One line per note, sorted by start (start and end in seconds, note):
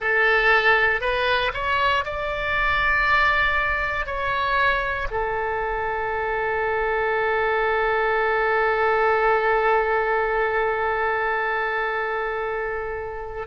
0.00 1.00 A4
1.00 1.51 B4
1.53 2.04 C#5
2.04 4.05 D5
4.05 5.07 C#5
5.11 13.47 A4